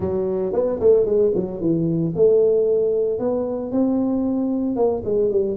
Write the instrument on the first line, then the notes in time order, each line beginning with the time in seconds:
tuba
0.00 F#3
0.52 B3
0.80 A3
1.05 G#3
1.34 F#3
1.60 E3
2.15 A3
3.19 B3
3.71 C4
4.75 A#3
5.04 G#3
5.30 G3